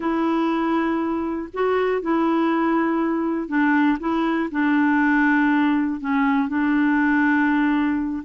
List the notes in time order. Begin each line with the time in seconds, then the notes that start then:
0.00 E4
1.53 F#4
2.01 E4
3.47 D4
3.99 E4
4.51 D4
6.00 C#4
6.48 D4